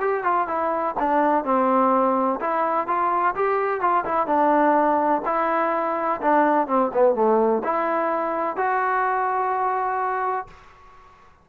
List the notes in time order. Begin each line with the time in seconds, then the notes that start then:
0.00 G4
0.24 F4
0.48 E4
0.99 D4
1.44 C4
2.40 E4
2.87 F4
3.35 G4
3.81 F4
4.05 E4
4.27 D4
5.25 E4
6.21 D4
6.67 C4
6.93 B3
7.15 A3
7.64 E4
8.56 F#4